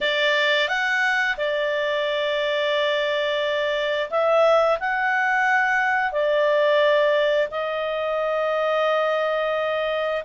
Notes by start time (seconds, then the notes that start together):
0.01 D5
0.68 F#5
1.37 D5
4.10 E5
4.79 F#5
6.12 D5
7.51 D#5